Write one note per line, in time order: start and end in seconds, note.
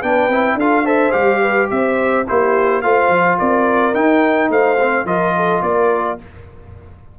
0.00 0.28 B3
0.00 0.30 D4
0.00 0.56 B4
0.00 0.59 G5
0.28 0.55 C4
0.28 0.60 E4
0.55 1.11 D4
0.55 0.85 F4
0.55 0.84 A4
0.55 0.86 F5
0.84 1.12 A4
0.84 1.40 C5
0.84 1.12 E5
1.12 1.71 G3
1.12 2.24 G4
1.12 1.68 F5
1.41 1.69 B4
1.70 2.27 C4
1.70 2.27 C5
1.70 2.26 E5
2.27 2.83 A#3
2.27 2.83 E4
2.27 2.84 G4
2.27 2.82 C5
2.82 3.09 A3
2.82 3.94 F4
2.82 3.38 C5
2.82 3.38 F5
3.09 3.37 F3
3.38 3.95 C4
3.38 4.50 A#4
3.38 3.94 D5
3.94 4.78 D#4
3.94 4.49 D#4
3.94 4.50 G5
4.49 5.05 A3
4.49 5.06 C5
4.49 5.06 F5
4.80 5.06 C4
5.05 5.61 F3
5.05 6.18 F4
5.05 5.35 A#4
5.05 5.62 D#5
5.36 5.63 A4
5.62 6.18 A#3
5.62 6.19 A#4
5.62 6.19 D5